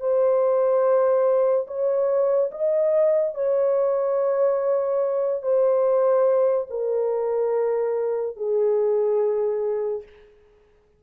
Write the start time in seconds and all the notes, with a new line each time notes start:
0.00 C5
1.67 C#5
2.51 D#5
3.34 C#5
5.42 C5
6.70 A#4
8.36 G#4